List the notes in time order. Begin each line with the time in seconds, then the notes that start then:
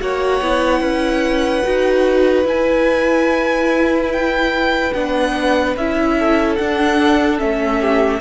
0.00 A#3 F#4 C#5 F#5
0.41 B3 E4
0.81 C#4 B4
1.63 D#4 F#4
2.44 E4 G#5
4.12 G5
4.93 B3 D4 F#5
5.76 C#4 E4 E5
6.19 A4
6.55 D4 F#5
7.37 A3 C#4 E5
7.80 G4